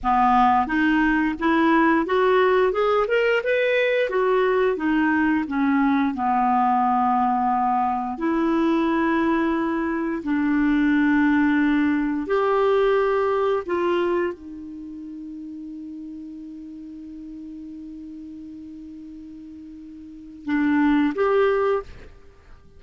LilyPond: \new Staff \with { instrumentName = "clarinet" } { \time 4/4 \tempo 4 = 88 b4 dis'4 e'4 fis'4 | gis'8 ais'8 b'4 fis'4 dis'4 | cis'4 b2. | e'2. d'4~ |
d'2 g'2 | f'4 dis'2.~ | dis'1~ | dis'2 d'4 g'4 | }